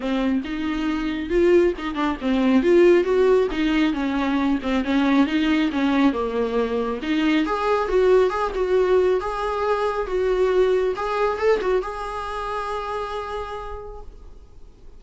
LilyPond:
\new Staff \with { instrumentName = "viola" } { \time 4/4 \tempo 4 = 137 c'4 dis'2 f'4 | dis'8 d'8 c'4 f'4 fis'4 | dis'4 cis'4. c'8 cis'4 | dis'4 cis'4 ais2 |
dis'4 gis'4 fis'4 gis'8 fis'8~ | fis'4 gis'2 fis'4~ | fis'4 gis'4 a'8 fis'8 gis'4~ | gis'1 | }